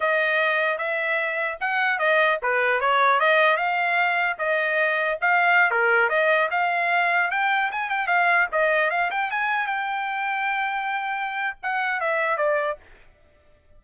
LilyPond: \new Staff \with { instrumentName = "trumpet" } { \time 4/4 \tempo 4 = 150 dis''2 e''2 | fis''4 dis''4 b'4 cis''4 | dis''4 f''2 dis''4~ | dis''4 f''4~ f''16 ais'4 dis''8.~ |
dis''16 f''2 g''4 gis''8 g''16~ | g''16 f''4 dis''4 f''8 g''8 gis''8.~ | gis''16 g''2.~ g''8.~ | g''4 fis''4 e''4 d''4 | }